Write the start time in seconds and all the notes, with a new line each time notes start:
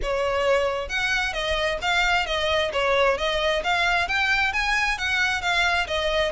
0.02 C#5
0.88 F#5
1.33 D#5
1.81 F5
2.26 D#5
2.73 C#5
3.17 D#5
3.63 F5
4.07 G5
4.53 G#5
4.97 F#5
5.41 F5
5.87 D#5